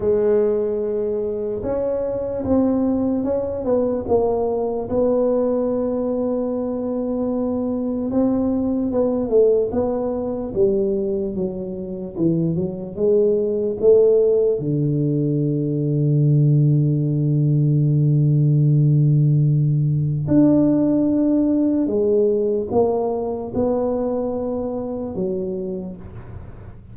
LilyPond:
\new Staff \with { instrumentName = "tuba" } { \time 4/4 \tempo 4 = 74 gis2 cis'4 c'4 | cis'8 b8 ais4 b2~ | b2 c'4 b8 a8 | b4 g4 fis4 e8 fis8 |
gis4 a4 d2~ | d1~ | d4 d'2 gis4 | ais4 b2 fis4 | }